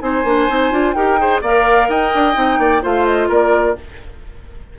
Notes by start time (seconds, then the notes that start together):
0.00 C4 D#4 C5 G#5
0.25 A#3 D4
0.49 C4 D#4
0.72 D4 F4
0.93 D#4 G4 A#4 G5
1.19 G#4 C5
1.41 A#3 A#4 D5 F5
1.89 D#4 D#5 G5
2.15 D4
2.34 C4 D#4
2.59 A#3 D5
2.82 A3 F4 C5 F5
3.06 D#5
3.29 A#3 A#4 D5